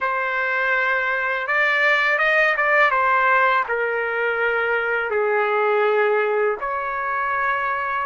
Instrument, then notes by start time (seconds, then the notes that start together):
trumpet
0.00 C5
1.47 D5
2.18 D#5
2.56 D5
2.91 C5
3.68 A#4
5.10 G#4
6.60 C#5